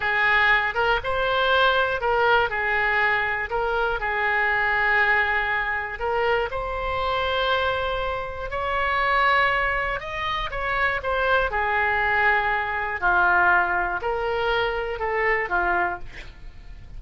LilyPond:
\new Staff \with { instrumentName = "oboe" } { \time 4/4 \tempo 4 = 120 gis'4. ais'8 c''2 | ais'4 gis'2 ais'4 | gis'1 | ais'4 c''2.~ |
c''4 cis''2. | dis''4 cis''4 c''4 gis'4~ | gis'2 f'2 | ais'2 a'4 f'4 | }